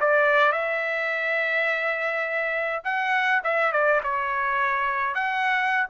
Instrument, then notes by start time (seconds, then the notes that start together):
trumpet
0.00 D5
0.52 E5
2.84 F#5
3.44 E5
3.72 D5
4.03 C#5
5.15 F#5